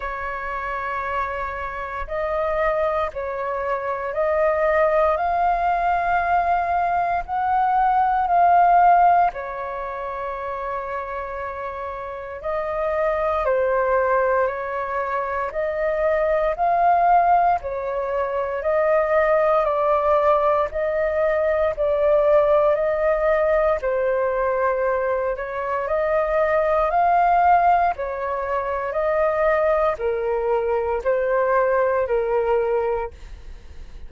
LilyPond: \new Staff \with { instrumentName = "flute" } { \time 4/4 \tempo 4 = 58 cis''2 dis''4 cis''4 | dis''4 f''2 fis''4 | f''4 cis''2. | dis''4 c''4 cis''4 dis''4 |
f''4 cis''4 dis''4 d''4 | dis''4 d''4 dis''4 c''4~ | c''8 cis''8 dis''4 f''4 cis''4 | dis''4 ais'4 c''4 ais'4 | }